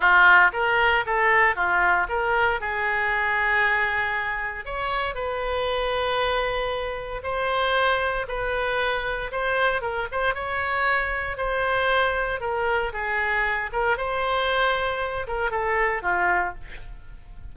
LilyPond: \new Staff \with { instrumentName = "oboe" } { \time 4/4 \tempo 4 = 116 f'4 ais'4 a'4 f'4 | ais'4 gis'2.~ | gis'4 cis''4 b'2~ | b'2 c''2 |
b'2 c''4 ais'8 c''8 | cis''2 c''2 | ais'4 gis'4. ais'8 c''4~ | c''4. ais'8 a'4 f'4 | }